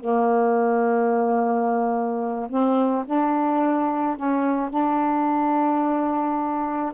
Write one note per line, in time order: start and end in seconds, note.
0.00 2.49 A#3
2.49 3.05 C4
3.06 4.17 D4
4.17 4.70 C#4
4.70 6.92 D4